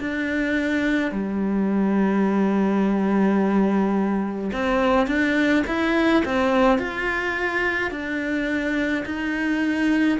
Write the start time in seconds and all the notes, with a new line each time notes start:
0.00 D4
1.12 G3
4.53 C4
5.07 D4
5.67 E4
6.25 C4
6.79 F4
7.91 D4
9.06 D#4